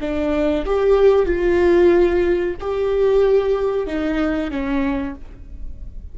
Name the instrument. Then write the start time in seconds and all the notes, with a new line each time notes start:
viola
0.00 D4
0.65 G4
1.26 F4
2.60 G4
3.87 D#4
4.50 C#4